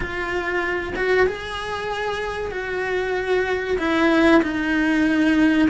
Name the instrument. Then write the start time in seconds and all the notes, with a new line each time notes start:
cello
0.00 F4
0.96 F#4
1.26 G#4
2.51 F#4
3.78 E4
4.42 D#4